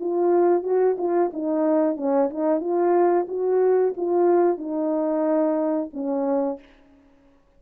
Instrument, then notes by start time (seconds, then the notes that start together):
horn
0.00 F4
0.63 F#4
0.98 F4
1.33 D#4
1.97 C#4
2.30 D#4
2.61 F4
3.28 F#4
3.97 F4
4.58 D#4
5.93 C#4